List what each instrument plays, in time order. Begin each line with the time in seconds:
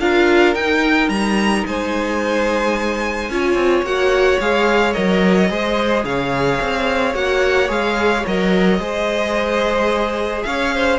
0.00 cello D4, viola F4, violin A#4 F5
0.55 cello D#4, viola D#4, violin G5
1.09 cello G3, violin A#5
1.67 cello G#3, violin C5 G#5
3.29 cello C#4, viola F4, violin C#5
3.54 cello C4
3.83 cello A#3, viola F#4, violin F#5
4.40 cello G#3, viola G#4, violin F5
4.93 cello F#3, viola A#4, violin D#5
5.49 cello G#3, viola G#4, violin C5
6.04 cello C#3, violin C#5 F5
6.61 cello C4
7.14 cello A#3, viola F#4, violin F#5
7.68 cello G#3, viola G#4, violin F5
8.27 cello F#3, viola A#4, violin D#5
8.79 cello G#3, viola G#4, violin C5
10.43 cello C#4, violin C#5 F5
10.75 violin C5